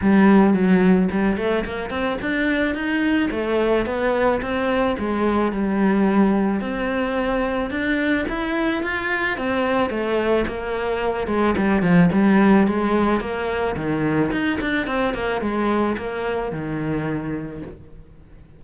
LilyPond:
\new Staff \with { instrumentName = "cello" } { \time 4/4 \tempo 4 = 109 g4 fis4 g8 a8 ais8 c'8 | d'4 dis'4 a4 b4 | c'4 gis4 g2 | c'2 d'4 e'4 |
f'4 c'4 a4 ais4~ | ais8 gis8 g8 f8 g4 gis4 | ais4 dis4 dis'8 d'8 c'8 ais8 | gis4 ais4 dis2 | }